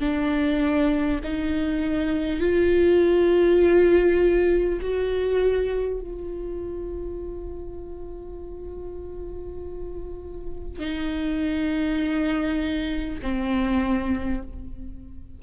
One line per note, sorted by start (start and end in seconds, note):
0.00 1.20 D4
1.24 2.40 D#4
2.40 4.80 F4
4.81 6.01 F#4
6.01 10.79 F4
10.79 13.19 D#4
13.23 14.43 C4